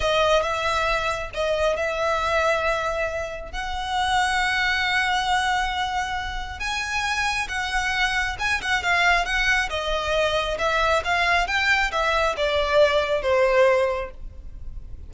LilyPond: \new Staff \with { instrumentName = "violin" } { \time 4/4 \tempo 4 = 136 dis''4 e''2 dis''4 | e''1 | fis''1~ | fis''2. gis''4~ |
gis''4 fis''2 gis''8 fis''8 | f''4 fis''4 dis''2 | e''4 f''4 g''4 e''4 | d''2 c''2 | }